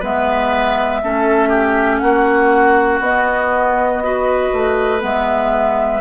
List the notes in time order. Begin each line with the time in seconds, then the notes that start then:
0.00 G#3 B3 B4 E5
1.03 A3 C#4 A4
1.49 G4
1.99 A#3 F#4 F#5
3.00 B3 D#5
4.03 F#4 B4
4.53 A3
4.99 G#3 B3 E5